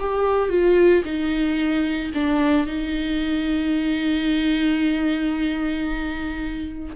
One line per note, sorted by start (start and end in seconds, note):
0.00 0.49 G4
0.49 1.03 F4
1.05 2.12 D#4
2.14 2.67 D4
2.67 6.95 D#4